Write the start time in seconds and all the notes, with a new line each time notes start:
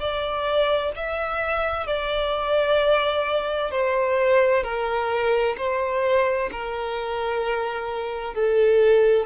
0.00 D5
0.96 E5
1.87 D5
3.71 C5
4.64 A#4
5.58 C5
6.52 A#4
8.35 A4